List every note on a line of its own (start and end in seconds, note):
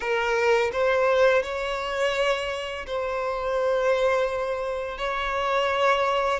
0.00 0.71 A#4
0.72 1.43 C5
1.43 2.85 C#5
2.86 4.98 C5
4.98 6.40 C#5